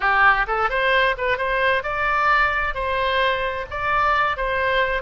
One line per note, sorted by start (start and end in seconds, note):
0.00 0.46 G4
0.47 0.69 A4
0.69 1.15 C5
1.17 1.37 B4
1.37 1.83 C5
1.83 2.74 D5
2.74 3.65 C5
3.70 4.36 D5
4.36 5.02 C5